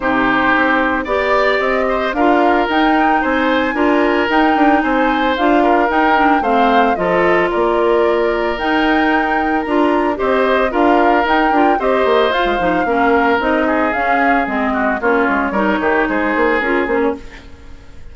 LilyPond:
<<
  \new Staff \with { instrumentName = "flute" } { \time 4/4 \tempo 4 = 112 c''2 d''4 dis''4 | f''4 g''4 gis''2 | g''4 gis''4 f''4 g''4 | f''4 dis''4 d''2 |
g''2 ais''4 dis''4 | f''4 g''4 dis''4 f''4~ | f''4 dis''4 f''4 dis''4 | cis''2 c''4 ais'8 c''16 cis''16 | }
  \new Staff \with { instrumentName = "oboe" } { \time 4/4 g'2 d''4. c''8 | ais'2 c''4 ais'4~ | ais'4 c''4. ais'4. | c''4 a'4 ais'2~ |
ais'2. c''4 | ais'2 c''2 | ais'4. gis'2 fis'8 | f'4 ais'8 g'8 gis'2 | }
  \new Staff \with { instrumentName = "clarinet" } { \time 4/4 dis'2 g'2 | f'4 dis'2 f'4 | dis'2 f'4 dis'8 d'8 | c'4 f'2. |
dis'2 f'4 g'4 | f'4 dis'8 f'8 g'4 f'8 dis'8 | cis'4 dis'4 cis'4 c'4 | cis'4 dis'2 f'8 cis'8 | }
  \new Staff \with { instrumentName = "bassoon" } { \time 4/4 c4 c'4 b4 c'4 | d'4 dis'4 c'4 d'4 | dis'8 d'8 c'4 d'4 dis'4 | a4 f4 ais2 |
dis'2 d'4 c'4 | d'4 dis'8 d'8 c'8 ais8 f'16 gis16 f8 | ais4 c'4 cis'4 gis4 | ais8 gis8 g8 dis8 gis8 ais8 cis'8 ais8 | }
>>